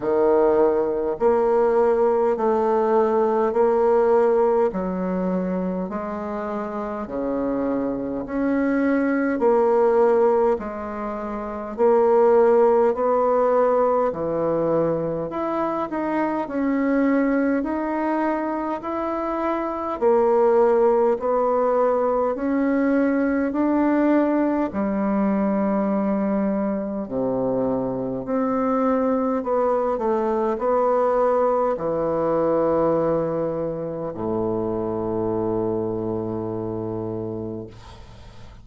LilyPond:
\new Staff \with { instrumentName = "bassoon" } { \time 4/4 \tempo 4 = 51 dis4 ais4 a4 ais4 | fis4 gis4 cis4 cis'4 | ais4 gis4 ais4 b4 | e4 e'8 dis'8 cis'4 dis'4 |
e'4 ais4 b4 cis'4 | d'4 g2 c4 | c'4 b8 a8 b4 e4~ | e4 a,2. | }